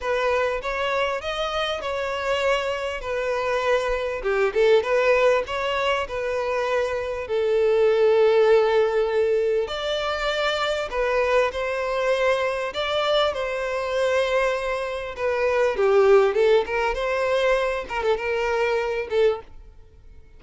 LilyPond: \new Staff \with { instrumentName = "violin" } { \time 4/4 \tempo 4 = 99 b'4 cis''4 dis''4 cis''4~ | cis''4 b'2 g'8 a'8 | b'4 cis''4 b'2 | a'1 |
d''2 b'4 c''4~ | c''4 d''4 c''2~ | c''4 b'4 g'4 a'8 ais'8 | c''4. ais'16 a'16 ais'4. a'8 | }